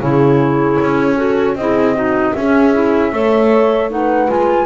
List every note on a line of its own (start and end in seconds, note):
0.00 0.78 C#3
0.00 1.16 E4
0.00 1.17 G#4
0.00 1.56 C#5
0.81 1.55 C#4
1.16 1.55 F#4
1.16 1.56 A4
1.55 2.33 C4
1.55 1.95 E4
1.55 1.95 G#4
1.55 2.34 D#5
1.95 2.34 D#4
1.95 2.34 F#4
2.34 2.74 C#4
2.34 3.12 C#4
2.34 3.12 G#4
2.34 3.90 E5
2.74 3.12 E4
3.12 4.29 A3
3.12 3.90 A4
3.12 3.90 C#5
3.90 4.28 D#4
3.90 4.66 B4
3.90 4.30 F#5
4.28 4.66 G#3
4.28 4.66 F4
4.28 4.66 G#5